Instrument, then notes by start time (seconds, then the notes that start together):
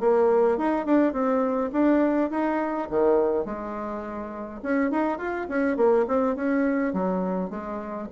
bassoon
0.00 A#3
0.58 D#4
0.86 D4
1.13 C4
1.73 D4
2.31 D#4
2.90 D#3
3.45 G#3
4.63 C#4
4.91 D#4
5.18 F4
5.49 C#4
5.77 A#3
6.08 C4
6.36 C#4
6.93 F#3
7.50 G#3